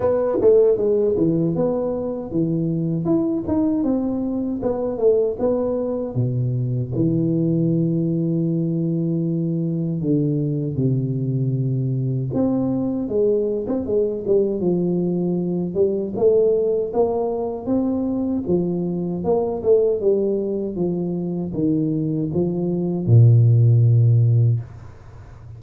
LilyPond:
\new Staff \with { instrumentName = "tuba" } { \time 4/4 \tempo 4 = 78 b8 a8 gis8 e8 b4 e4 | e'8 dis'8 c'4 b8 a8 b4 | b,4 e2.~ | e4 d4 c2 |
c'4 gis8. c'16 gis8 g8 f4~ | f8 g8 a4 ais4 c'4 | f4 ais8 a8 g4 f4 | dis4 f4 ais,2 | }